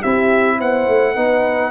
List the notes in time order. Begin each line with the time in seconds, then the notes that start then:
0.00 C4 E4 G4 E5
0.57 B3 C5 F#5
0.88 A3
1.16 B3 D#4 B4